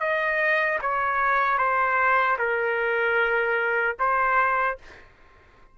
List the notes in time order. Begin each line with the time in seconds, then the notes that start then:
0.00 D#5
0.82 C#5
1.58 C5
2.38 A#4
3.99 C5